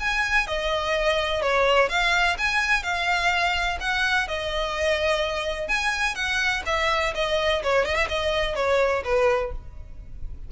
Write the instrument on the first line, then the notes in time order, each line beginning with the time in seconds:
violin
0.00 G#5
0.47 D#5
1.42 C#5
1.89 F5
2.38 G#5
2.83 F5
3.80 F#5
4.28 D#5
5.68 G#5
6.15 F#5
6.66 E5
7.15 D#5
7.63 C#5
7.86 D#5
7.95 E5
8.09 D#5
8.56 C#5
9.04 B4